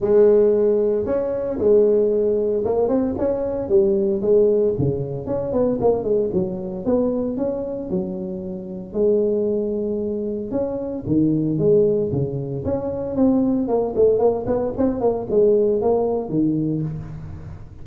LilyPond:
\new Staff \with { instrumentName = "tuba" } { \time 4/4 \tempo 4 = 114 gis2 cis'4 gis4~ | gis4 ais8 c'8 cis'4 g4 | gis4 cis4 cis'8 b8 ais8 gis8 | fis4 b4 cis'4 fis4~ |
fis4 gis2. | cis'4 dis4 gis4 cis4 | cis'4 c'4 ais8 a8 ais8 b8 | c'8 ais8 gis4 ais4 dis4 | }